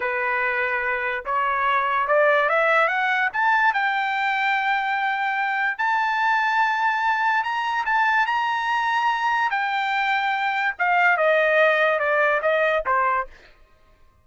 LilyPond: \new Staff \with { instrumentName = "trumpet" } { \time 4/4 \tempo 4 = 145 b'2. cis''4~ | cis''4 d''4 e''4 fis''4 | a''4 g''2.~ | g''2 a''2~ |
a''2 ais''4 a''4 | ais''2. g''4~ | g''2 f''4 dis''4~ | dis''4 d''4 dis''4 c''4 | }